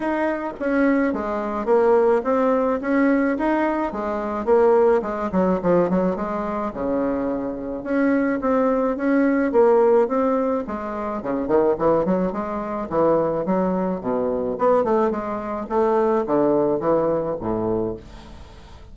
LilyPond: \new Staff \with { instrumentName = "bassoon" } { \time 4/4 \tempo 4 = 107 dis'4 cis'4 gis4 ais4 | c'4 cis'4 dis'4 gis4 | ais4 gis8 fis8 f8 fis8 gis4 | cis2 cis'4 c'4 |
cis'4 ais4 c'4 gis4 | cis8 dis8 e8 fis8 gis4 e4 | fis4 b,4 b8 a8 gis4 | a4 d4 e4 a,4 | }